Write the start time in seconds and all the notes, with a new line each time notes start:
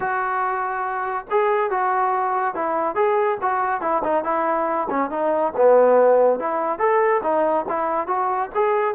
0.00 F#4
1.30 G#4
1.70 F#4
2.54 E4
2.95 G#4
3.41 F#4
3.81 E4
4.03 D#4
4.24 E4
4.90 C#4
5.10 D#4
5.56 B3
6.39 E4
6.78 A4
7.23 D#4
7.68 E4
8.07 F#4
8.54 G#4